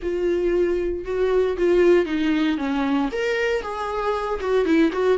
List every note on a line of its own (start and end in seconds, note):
0.02 1.05 F4
1.05 1.56 F#4
1.57 2.05 F4
2.05 2.57 D#4
2.57 3.09 C#4
3.12 3.62 A#4
3.62 4.39 G#4
4.40 4.65 F#4
4.65 4.91 E4
4.92 5.18 F#4